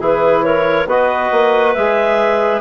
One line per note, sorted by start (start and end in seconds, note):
0.00 0.86 E3
0.00 0.88 E4
0.00 0.43 G#4
0.00 0.44 B4
0.44 0.88 A#4
0.44 0.87 C#5
0.86 1.30 B3
0.86 1.76 F#4
0.86 2.61 B4
0.86 1.74 D#5
1.32 1.75 A#3
1.74 2.61 G#3
1.74 2.61 G#4
1.74 2.61 E5